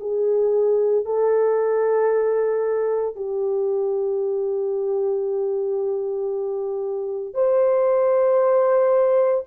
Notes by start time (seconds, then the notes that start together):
0.00 G#4
1.05 A4
3.15 G4
7.34 C5